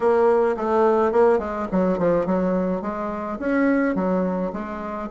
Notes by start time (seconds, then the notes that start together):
0.00 A#3
0.57 A3
1.11 A#3
1.38 G#3
1.71 F#3
1.98 F3
2.25 F#3
2.81 G#3
3.39 C#4
3.95 F#3
4.52 G#3